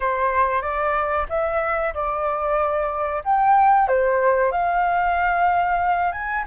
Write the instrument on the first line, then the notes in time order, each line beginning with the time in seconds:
flute
0.00 C5
0.61 D5
1.29 E5
1.94 D5
3.24 G5
3.88 C5
4.51 F5
6.12 G#5